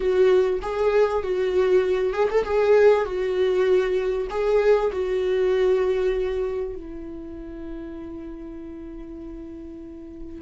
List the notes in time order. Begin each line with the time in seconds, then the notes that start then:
0.00 F#4
0.62 G#4
1.23 F#4
2.13 G#4
2.30 A4
2.45 G#4
3.05 F#4
4.29 G#4
4.92 F#4
6.74 E4